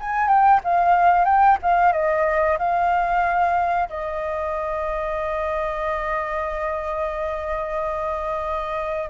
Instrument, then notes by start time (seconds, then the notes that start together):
flute
0.00 G#5
0.28 G5
0.64 F5
1.25 G5
1.63 F5
1.92 D#5
2.59 F5
3.90 D#5